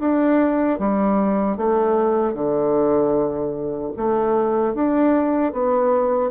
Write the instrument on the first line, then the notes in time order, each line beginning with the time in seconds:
bassoon
0.00 D4
0.79 G3
1.57 A3
2.34 D3
3.97 A3
4.75 D4
5.53 B3